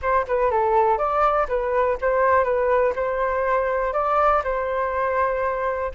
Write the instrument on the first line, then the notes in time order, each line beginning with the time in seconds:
flute
0.02 C5
0.27 B4
0.51 A4
0.98 D5
1.48 B4
2.01 C5
2.43 B4
2.95 C5
3.93 D5
4.44 C5